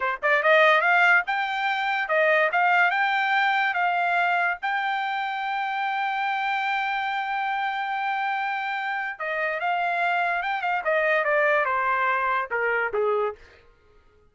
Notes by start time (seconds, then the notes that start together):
0.00 C5
0.22 D5
0.42 D#5
0.81 F5
1.26 G5
2.08 D#5
2.52 F5
2.91 G5
3.74 F5
4.62 G5
9.19 D#5
9.59 F5
10.42 G5
10.61 F5
10.84 D#5
11.24 D5
11.65 C5
12.50 A#4
12.93 G#4